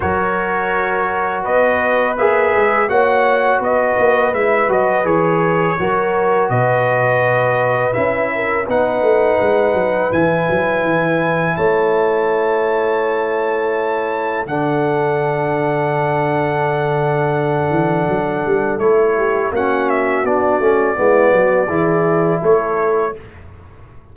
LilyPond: <<
  \new Staff \with { instrumentName = "trumpet" } { \time 4/4 \tempo 4 = 83 cis''2 dis''4 e''4 | fis''4 dis''4 e''8 dis''8 cis''4~ | cis''4 dis''2 e''4 | fis''2 gis''2 |
a''1 | fis''1~ | fis''2 cis''4 fis''8 e''8 | d''2. cis''4 | }
  \new Staff \with { instrumentName = "horn" } { \time 4/4 ais'2 b'2 | cis''4 b'2. | ais'4 b'2~ b'8 ais'8 | b'1 |
cis''1 | a'1~ | a'2~ a'8 g'8 fis'4~ | fis'4 e'8 fis'8 gis'4 a'4 | }
  \new Staff \with { instrumentName = "trombone" } { \time 4/4 fis'2. gis'4 | fis'2 e'8 fis'8 gis'4 | fis'2. e'4 | dis'2 e'2~ |
e'1 | d'1~ | d'2 e'4 cis'4 | d'8 cis'8 b4 e'2 | }
  \new Staff \with { instrumentName = "tuba" } { \time 4/4 fis2 b4 ais8 gis8 | ais4 b8 ais8 gis8 fis8 e4 | fis4 b,2 cis'4 | b8 a8 gis8 fis8 e8 fis8 e4 |
a1 | d1~ | d8 e8 fis8 g8 a4 ais4 | b8 a8 gis8 fis8 e4 a4 | }
>>